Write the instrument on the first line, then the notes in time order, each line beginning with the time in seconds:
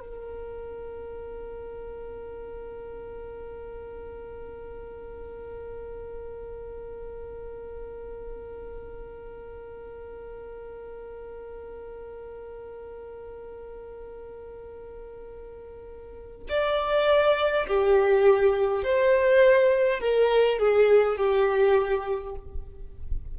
violin
0.00 A#4
16.49 D5
17.67 G4
18.83 C5
20.01 A#4
20.59 G#4
21.17 G4